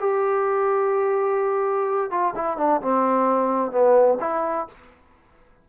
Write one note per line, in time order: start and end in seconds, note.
0.00 2.11 G4
2.11 2.34 F4
2.36 2.58 E4
2.58 2.81 D4
2.81 3.72 C4
3.72 4.18 B3
4.21 4.67 E4